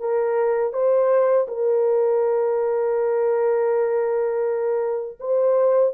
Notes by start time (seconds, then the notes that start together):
0.00 A#4
0.73 C5
1.48 A#4
5.20 C5